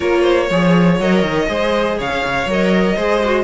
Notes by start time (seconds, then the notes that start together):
0.00 A#3 F4 A#4 C#5
0.22 C5
0.50 F3 G#4 C#5
1.00 F#3 A#4 D#5
1.22 D#3
1.46 G#3 G#4 C5
1.98 C#3 C#5 F5
2.10 C#4
2.24 C#3
2.46 F#3 A#4 D#5
2.96 G#3 G#4 C5
3.25 F#4